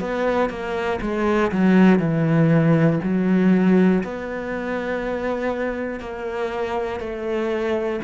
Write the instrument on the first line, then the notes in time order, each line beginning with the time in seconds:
cello
0.00 B3
0.50 A#3
1.01 G#3
1.51 F#3
1.99 E3
3.03 F#3
4.04 B3
6.00 A#3
7.00 A3